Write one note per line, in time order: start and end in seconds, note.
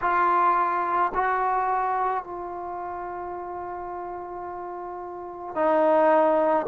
0.01 1.12 F4
1.14 2.24 F#4
2.24 5.55 F4
5.55 6.66 D#4